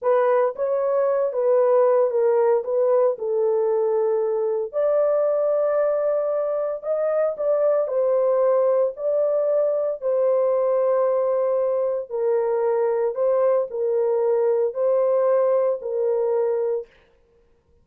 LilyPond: \new Staff \with { instrumentName = "horn" } { \time 4/4 \tempo 4 = 114 b'4 cis''4. b'4. | ais'4 b'4 a'2~ | a'4 d''2.~ | d''4 dis''4 d''4 c''4~ |
c''4 d''2 c''4~ | c''2. ais'4~ | ais'4 c''4 ais'2 | c''2 ais'2 | }